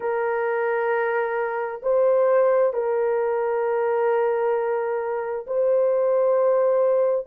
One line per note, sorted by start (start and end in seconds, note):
0.00 1.81 A#4
1.82 2.73 C5
2.73 5.45 A#4
5.46 7.26 C5